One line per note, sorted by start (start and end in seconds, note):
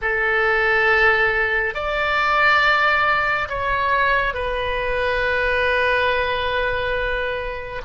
0.01 1.74 A4
1.74 3.48 D5
3.49 4.34 C#5
4.34 7.81 B4